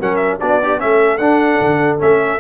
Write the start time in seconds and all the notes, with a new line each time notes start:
0.00 F#3 C#4 A#4 F#5
0.16 E5
0.40 B3 D4 F#4 D5
0.61 D4 G4
0.79 A3 C#4 A4 E5
1.18 D4 F#5
1.61 D3
1.99 A3 C#4 E5